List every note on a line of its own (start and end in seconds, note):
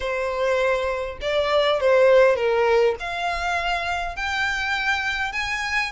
0.00 1.18 C5
1.21 1.80 D5
1.80 2.35 C5
2.35 2.95 A#4
2.99 4.16 F5
4.16 5.32 G5
5.32 5.92 G#5